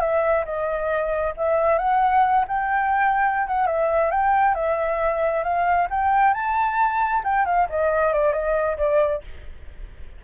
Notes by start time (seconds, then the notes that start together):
0.00 E5
0.44 D#5
1.37 E5
1.78 F#5
2.47 G5
3.47 F#5
3.66 E5
4.11 G5
4.54 E5
5.43 F5
5.90 G5
6.33 A5
7.23 G5
7.45 F5
7.69 D#5
8.13 D5
8.32 D#5
8.77 D5